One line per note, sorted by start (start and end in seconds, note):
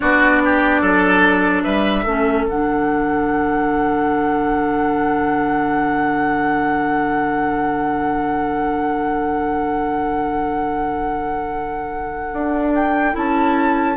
0.00 0.82 B3
0.00 2.05 D4
0.00 0.42 F#4
0.00 1.62 D5
0.45 0.81 G4
0.81 1.64 F#3
0.81 1.63 A4
1.62 2.05 G3
1.62 2.04 B4
1.62 2.45 E5
2.04 2.44 A3
2.04 2.47 C#4
2.04 13.96 A4
2.44 12.30 D3
2.44 13.12 D4
2.44 12.74 F#5
12.32 13.15 D4
12.74 13.15 G5
13.12 13.96 C#4
13.12 13.95 E4
13.12 13.96 A5